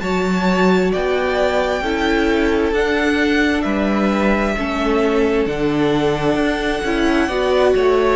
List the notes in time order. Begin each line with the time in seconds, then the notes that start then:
0.00 F#3 F#4 C#5 A5
0.91 B3 D5 G5
1.81 C#4 E4 A4
2.72 D4 F#5
3.62 G3 B4 E5
4.57 A3 C#4 A4
5.46 D3 D4 F#5
6.35 D4
6.84 C#4 E4
7.27 B3 F#4 D5
7.75 A3 C#5